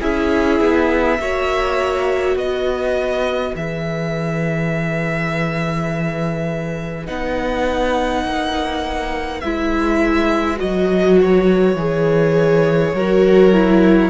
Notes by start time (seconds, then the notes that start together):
0.00 C#4 E4 G#4 E5
0.60 B3
1.19 A#3 F#4 C#5
2.35 B3 B4 D#5
3.55 E3 G#4 E5
7.05 B3 D#4 F#5
8.24 A#3
9.40 G#3 E4 E5
10.57 F#3 F#4 D#5
11.21 C#5
11.75 E3 G#4
12.93 F#3 F#4 A#4
13.53 E4